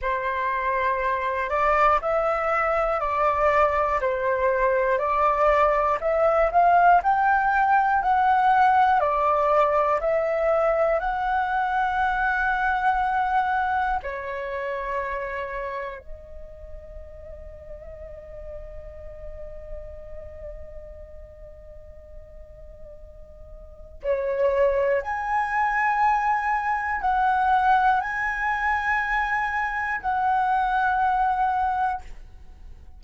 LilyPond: \new Staff \with { instrumentName = "flute" } { \time 4/4 \tempo 4 = 60 c''4. d''8 e''4 d''4 | c''4 d''4 e''8 f''8 g''4 | fis''4 d''4 e''4 fis''4~ | fis''2 cis''2 |
dis''1~ | dis''1 | cis''4 gis''2 fis''4 | gis''2 fis''2 | }